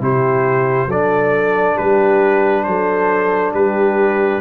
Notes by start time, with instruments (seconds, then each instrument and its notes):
0.00 tuba C3, trombone E4, horn G4, trumpet C5
0.87 tuba F#3, trombone D4, horn A4, trumpet D5
1.75 tuba G3, horn G4, trumpet B4
2.64 tuba F#3, horn A4, trumpet C5
3.54 tuba G3, horn G4, trumpet B4